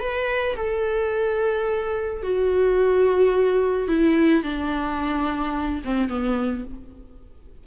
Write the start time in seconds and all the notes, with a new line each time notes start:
0.00 B4
0.56 A4
2.23 F#4
3.88 E4
4.43 D4
5.85 C4
6.09 B3